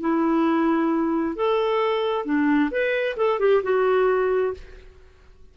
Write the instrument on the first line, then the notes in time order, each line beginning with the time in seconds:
clarinet
0.00 E4
1.36 A4
2.25 D4
2.71 B4
3.16 A4
3.39 G4
3.63 F#4